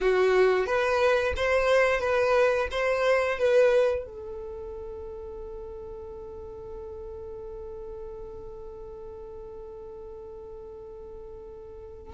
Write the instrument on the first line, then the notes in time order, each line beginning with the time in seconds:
violin
0.01 F#4
0.66 B4
1.36 C5
2.00 B4
2.71 C5
3.38 B4
4.05 A4